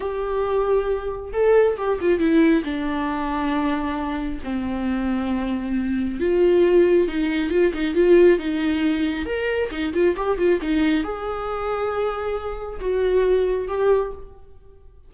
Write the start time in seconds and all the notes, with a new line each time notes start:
0.00 G4
1.32 A4
1.77 G4
2.00 F4
2.19 E4
2.64 D4
4.43 C4
6.20 F4
7.08 D#4
7.50 F4
7.73 D#4
7.95 F4
8.38 D#4
9.25 A#4
9.71 D#4
9.93 F4
10.16 G4
10.38 F4
10.61 D#4
11.03 G#4
12.80 F#4
13.67 G4